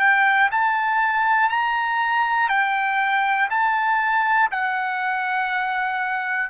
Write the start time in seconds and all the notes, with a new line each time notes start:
0.00 G5
0.51 A5
1.50 A#5
2.49 G5
3.50 A5
4.51 F#5